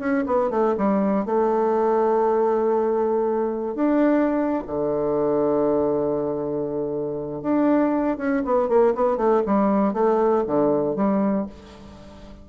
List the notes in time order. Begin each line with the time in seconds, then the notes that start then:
0.00 C#4
0.27 B3
0.51 A3
0.78 G3
1.26 A3
3.76 D4
4.67 D3
7.43 D4
8.18 C#4
8.45 B3
8.69 A#3
8.95 B3
9.17 A3
9.47 G3
9.94 A3
10.47 D3
10.96 G3